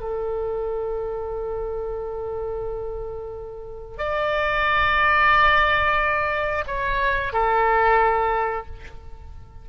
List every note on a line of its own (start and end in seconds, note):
0.00 3.98 A4
3.98 6.65 D5
6.67 7.33 C#5
7.33 8.66 A4